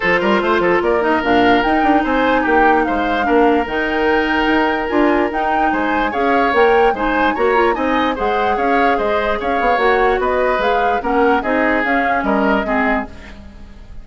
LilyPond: <<
  \new Staff \with { instrumentName = "flute" } { \time 4/4 \tempo 4 = 147 c''2 d''8 dis''8 f''4 | g''4 gis''4 g''4 f''4~ | f''4 g''2. | gis''4 g''4 gis''4 f''4 |
g''4 gis''4 ais''4 gis''4 | fis''4 f''4 dis''4 f''4 | fis''4 dis''4 f''4 fis''4 | dis''4 f''4 dis''2 | }
  \new Staff \with { instrumentName = "oboe" } { \time 4/4 a'8 ais'8 c''8 a'8 ais'2~ | ais'4 c''4 g'4 c''4 | ais'1~ | ais'2 c''4 cis''4~ |
cis''4 c''4 cis''4 dis''4 | c''4 cis''4 c''4 cis''4~ | cis''4 b'2 ais'4 | gis'2 ais'4 gis'4 | }
  \new Staff \with { instrumentName = "clarinet" } { \time 4/4 f'2~ f'8 dis'8 d'4 | dis'1 | d'4 dis'2. | f'4 dis'2 gis'4 |
ais'4 dis'4 fis'8 f'8 dis'4 | gis'1 | fis'2 gis'4 cis'4 | dis'4 cis'2 c'4 | }
  \new Staff \with { instrumentName = "bassoon" } { \time 4/4 f8 g8 a8 f8 ais4 ais,4 | dis'8 d'8 c'4 ais4 gis4 | ais4 dis2 dis'4 | d'4 dis'4 gis4 cis'4 |
ais4 gis4 ais4 c'4 | gis4 cis'4 gis4 cis'8 b8 | ais4 b4 gis4 ais4 | c'4 cis'4 g4 gis4 | }
>>